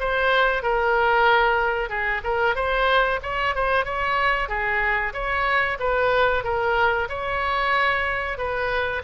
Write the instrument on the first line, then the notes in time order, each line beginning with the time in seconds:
oboe
0.00 C5
0.63 A#4
1.89 G#4
2.24 A#4
2.55 C5
3.23 C#5
3.55 C5
3.85 C#5
4.49 G#4
5.14 C#5
5.80 B4
6.44 A#4
7.09 C#5
8.38 B4